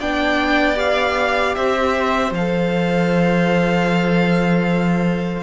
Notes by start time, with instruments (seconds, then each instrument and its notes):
0.00 cello B3, viola D4, violin D5 G5
0.75 viola G4, violin F5
1.55 cello C4, violin C5 E5
2.31 cello F3, violin F5
2.38 viola A4